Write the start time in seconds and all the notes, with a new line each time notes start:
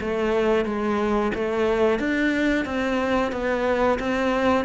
0.00 A3
0.65 G#3
1.34 A3
1.99 D4
2.65 C4
3.32 B3
3.99 C4